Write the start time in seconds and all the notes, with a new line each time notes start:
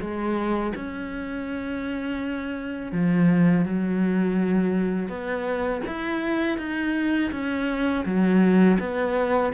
0.00 G#3
0.75 C#4
2.92 F3
3.65 F#3
5.09 B3
5.87 E4
6.58 D#4
7.31 C#4
8.05 F#3
8.80 B3